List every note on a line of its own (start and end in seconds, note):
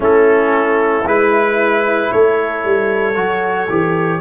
0.00 1.03 A3
0.00 1.04 C#4
0.00 2.11 E4
0.00 1.07 A4
1.04 2.09 G#3
1.04 3.14 E4
1.04 2.11 B4
2.11 2.64 A3
2.11 4.20 A4
2.11 4.20 C#5
2.64 3.15 G3
3.14 3.68 F#3
3.14 3.67 F#4
3.69 4.20 E3
3.69 4.20 G4